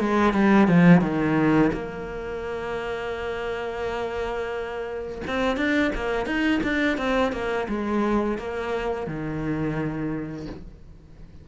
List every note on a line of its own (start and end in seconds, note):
0.00 0.33 G#3
0.33 0.68 G3
0.68 1.01 F3
1.01 1.71 D#3
1.73 5.22 A#3
5.27 5.57 C4
5.57 5.92 D4
5.96 6.26 A#3
6.26 6.61 D#4
6.63 6.98 D4
6.98 7.33 C4
7.33 7.67 A#3
7.69 8.38 G#3
8.38 9.07 A#3
9.07 10.47 D#3